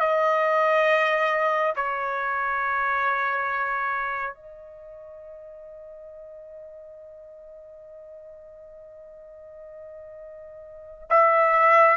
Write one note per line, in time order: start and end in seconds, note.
0.00 1.74 D#5
1.76 4.34 C#5
4.34 11.08 D#5
11.10 11.97 E5